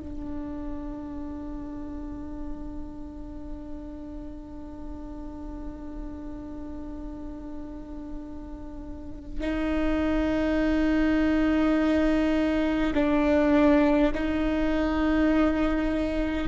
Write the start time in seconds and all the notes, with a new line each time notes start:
0.00 D4
9.41 D#4
12.94 D4
14.14 D#4